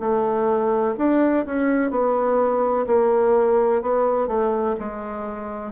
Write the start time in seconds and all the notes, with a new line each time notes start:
0.00 A3
0.98 D4
1.46 C#4
1.91 B3
2.87 A#3
3.82 B3
4.28 A3
4.80 G#3